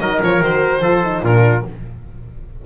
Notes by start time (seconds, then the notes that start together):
0.00 F#3 D#4 A#4 D#5
0.23 F3 F4 C#5
0.41 D#3 F#4 C5
0.80 F3 F4 A4
1.04 D#4
1.22 A#2 D4 F4 A#4